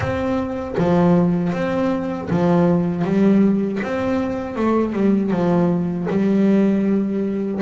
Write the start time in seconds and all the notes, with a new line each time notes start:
0.00 C4
0.77 F3
1.53 C4
2.30 F3
3.04 G3
3.83 C4
4.56 A3
4.92 G3
5.31 F3
6.09 G3